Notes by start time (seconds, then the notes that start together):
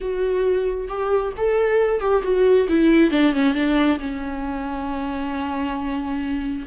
0.00 F#4
0.87 G4
1.37 A4
2.00 G4
2.23 F#4
2.68 E4
3.11 D4
3.33 C#4
3.54 D4
3.99 C#4